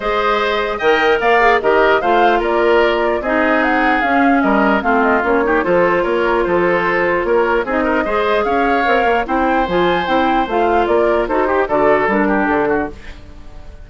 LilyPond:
<<
  \new Staff \with { instrumentName = "flute" } { \time 4/4 \tempo 4 = 149 dis''2 g''4 f''4 | dis''4 f''4 d''2 | dis''4 fis''4 f''4 dis''4 | f''8 dis''8 cis''4 c''4 cis''4 |
c''2 cis''4 dis''4~ | dis''4 f''2 g''4 | gis''4 g''4 f''4 d''4 | c''4 d''4 ais'4 a'4 | }
  \new Staff \with { instrumentName = "oboe" } { \time 4/4 c''2 dis''4 d''4 | ais'4 c''4 ais'2 | gis'2. ais'4 | f'4. g'8 a'4 ais'4 |
a'2 ais'4 gis'8 ais'8 | c''4 cis''2 c''4~ | c''2. ais'4 | a'8 g'8 a'4. g'4 fis'8 | }
  \new Staff \with { instrumentName = "clarinet" } { \time 4/4 gis'2 ais'4. gis'8 | g'4 f'2. | dis'2 cis'2 | c'4 cis'8 dis'8 f'2~ |
f'2. dis'4 | gis'2 ais'4 e'4 | f'4 e'4 f'2 | fis'8 g'8 fis'4 d'2 | }
  \new Staff \with { instrumentName = "bassoon" } { \time 4/4 gis2 dis4 ais4 | dis4 a4 ais2 | c'2 cis'4 g4 | a4 ais4 f4 ais4 |
f2 ais4 c'4 | gis4 cis'4 c'8 ais8 c'4 | f4 c'4 a4 ais4 | dis'4 d4 g4 d4 | }
>>